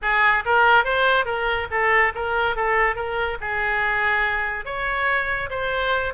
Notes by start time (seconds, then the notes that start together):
0.01 G#4
0.45 A#4
0.84 C5
1.25 A#4
1.70 A4
2.14 A#4
2.56 A4
2.95 A#4
3.40 G#4
4.65 C#5
5.50 C5